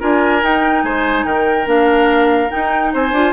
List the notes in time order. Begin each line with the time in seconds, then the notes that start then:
0.00 D4 F4 A#4 G#5
0.41 D#4 G5
0.83 G#3 C5 G#5
1.25 D#3 A#4 G5
1.66 A#3 D4 F5
2.50 D#4 G5
2.93 C4 C5 G#5
3.12 D4 F4